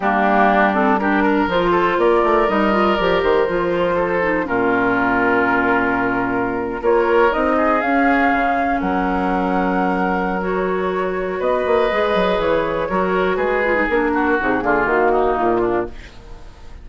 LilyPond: <<
  \new Staff \with { instrumentName = "flute" } { \time 4/4 \tempo 4 = 121 g'4. a'8 ais'4 c''4 | d''4 dis''4 d''8 c''4.~ | c''4 ais'2.~ | ais'4.~ ais'16 cis''4 dis''4 f''16~ |
f''4.~ f''16 fis''2~ fis''16~ | fis''4 cis''2 dis''4~ | dis''4 cis''2 b'4 | ais'4 gis'4 fis'4 f'4 | }
  \new Staff \with { instrumentName = "oboe" } { \time 4/4 d'2 g'8 ais'4 a'8 | ais'1 | a'4 f'2.~ | f'4.~ f'16 ais'4. gis'8.~ |
gis'4.~ gis'16 ais'2~ ais'16~ | ais'2. b'4~ | b'2 ais'4 gis'4~ | gis'8 fis'4 f'4 dis'4 d'8 | }
  \new Staff \with { instrumentName = "clarinet" } { \time 4/4 ais4. c'8 d'4 f'4~ | f'4 dis'8 f'8 g'4 f'4~ | f'8 dis'8 cis'2.~ | cis'4.~ cis'16 f'4 dis'4 cis'16~ |
cis'1~ | cis'4 fis'2. | gis'2 fis'4. f'16 dis'16 | d'4 dis'8 ais2~ ais8 | }
  \new Staff \with { instrumentName = "bassoon" } { \time 4/4 g2. f4 | ais8 a8 g4 f8 dis8 f4~ | f4 ais,2.~ | ais,4.~ ais,16 ais4 c'4 cis'16~ |
cis'8. cis4 fis2~ fis16~ | fis2. b8 ais8 | gis8 fis8 e4 fis4 gis4 | ais4 c8 d8 dis4 ais,4 | }
>>